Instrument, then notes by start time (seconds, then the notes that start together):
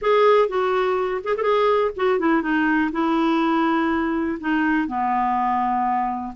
clarinet
0.01 G#4
0.48 F#4
1.24 G#4
1.36 G#4 A4
1.96 F#4
2.19 E4
2.42 D#4
2.92 E4
4.39 D#4
4.87 B3